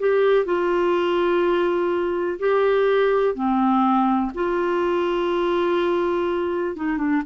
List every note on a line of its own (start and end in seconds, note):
0.00 0.45 G4
0.45 2.39 F4
2.39 3.35 G4
3.35 4.32 C4
4.35 6.76 F4
6.76 6.98 D#4
6.98 7.22 D4